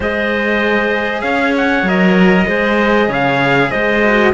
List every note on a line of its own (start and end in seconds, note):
0.00 1.22 G#3
0.00 1.86 G#4
0.00 1.22 C5
0.00 1.21 D#5
1.21 1.82 C#4
1.21 2.46 C#5
1.21 1.52 F5
1.57 1.88 F#5
1.82 2.44 F#3
1.82 2.47 A#4
1.82 3.12 D#5
2.47 3.08 G#3
2.47 4.02 G#4
2.47 3.08 C5
3.08 3.70 C#3
3.08 3.70 C#5
3.08 3.70 F5
3.70 4.33 G#3
3.70 4.32 C5
3.70 4.32 D#5
4.02 4.33 F#4